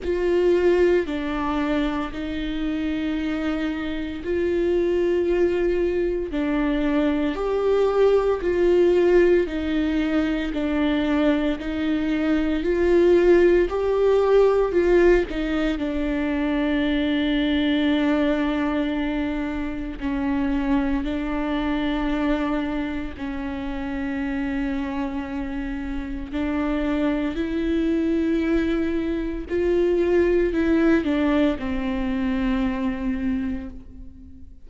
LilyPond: \new Staff \with { instrumentName = "viola" } { \time 4/4 \tempo 4 = 57 f'4 d'4 dis'2 | f'2 d'4 g'4 | f'4 dis'4 d'4 dis'4 | f'4 g'4 f'8 dis'8 d'4~ |
d'2. cis'4 | d'2 cis'2~ | cis'4 d'4 e'2 | f'4 e'8 d'8 c'2 | }